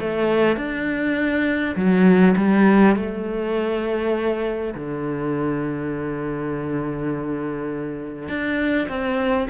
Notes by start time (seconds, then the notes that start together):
0.00 A3
0.57 D4
1.76 F#3
2.37 G3
2.96 A3
4.75 D3
8.29 D4
8.89 C4